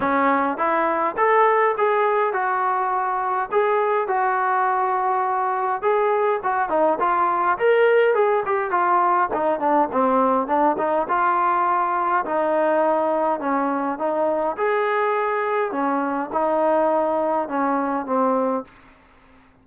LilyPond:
\new Staff \with { instrumentName = "trombone" } { \time 4/4 \tempo 4 = 103 cis'4 e'4 a'4 gis'4 | fis'2 gis'4 fis'4~ | fis'2 gis'4 fis'8 dis'8 | f'4 ais'4 gis'8 g'8 f'4 |
dis'8 d'8 c'4 d'8 dis'8 f'4~ | f'4 dis'2 cis'4 | dis'4 gis'2 cis'4 | dis'2 cis'4 c'4 | }